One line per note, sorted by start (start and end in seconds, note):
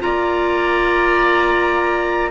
0.00 2.32 A#3
0.00 2.31 F4
0.00 2.32 D5
0.00 2.32 A#5